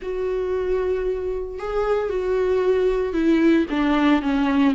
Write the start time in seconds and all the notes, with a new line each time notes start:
0.01 F#4
1.58 G#4
2.09 F#4
3.13 E4
3.70 D4
4.22 C#4